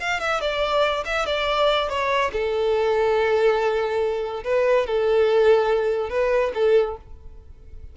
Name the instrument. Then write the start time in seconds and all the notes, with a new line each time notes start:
violin
0.00 F5
0.20 E5
0.41 D5
1.05 E5
1.26 D5
1.89 C#5
2.33 A4
4.44 B4
4.86 A4
6.10 B4
6.55 A4